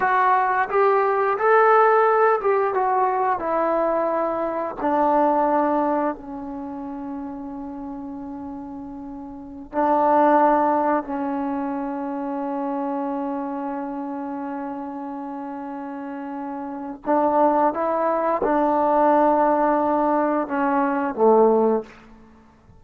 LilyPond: \new Staff \with { instrumentName = "trombone" } { \time 4/4 \tempo 4 = 88 fis'4 g'4 a'4. g'8 | fis'4 e'2 d'4~ | d'4 cis'2.~ | cis'2~ cis'16 d'4.~ d'16~ |
d'16 cis'2.~ cis'8.~ | cis'1~ | cis'4 d'4 e'4 d'4~ | d'2 cis'4 a4 | }